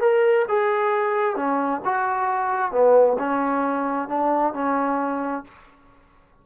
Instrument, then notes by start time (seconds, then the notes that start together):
trombone
0.00 A#4
0.48 G#4
1.36 C#4
1.84 F#4
2.71 B3
3.18 C#4
4.08 D4
4.53 C#4